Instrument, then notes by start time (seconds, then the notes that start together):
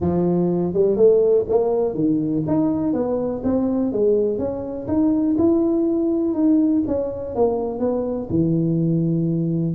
tuba
0.00 F3
0.73 G3
0.96 A3
1.49 A#3
1.94 D#3
2.47 D#4
2.93 B3
3.43 C4
3.92 G#3
4.38 C#4
4.87 D#4
5.38 E4
6.34 D#4
6.87 C#4
7.35 A#3
7.79 B3
8.29 E3